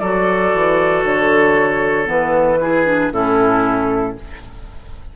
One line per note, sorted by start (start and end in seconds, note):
0.00 0.54 F#3
0.00 2.05 F#4
0.00 2.60 A4
0.00 1.03 D5
0.54 1.04 E3
1.04 2.07 D3
1.04 2.09 C#5
2.05 3.11 E3
2.05 2.57 B3
2.05 3.13 B4
2.61 2.86 E4
2.61 3.13 G#4
2.86 3.12 D4
3.12 4.16 A2
3.12 4.16 C#4
3.12 4.17 E4
3.12 4.17 A4